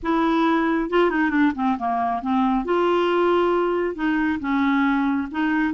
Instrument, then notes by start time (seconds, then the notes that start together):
clarinet
0.02 E4
0.90 F4
1.10 D#4
1.30 D4
1.55 C4
1.78 A#3
2.21 C4
2.65 F4
3.95 D#4
4.39 C#4
5.31 D#4